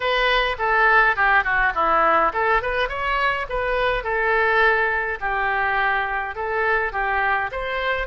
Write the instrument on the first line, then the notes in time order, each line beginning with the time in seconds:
oboe
0.00 B4
0.58 A4
1.16 G4
1.43 F#4
1.74 E4
2.33 A4
2.61 B4
2.88 C#5
3.49 B4
4.03 A4
5.20 G4
6.35 A4
6.92 G4
7.51 C5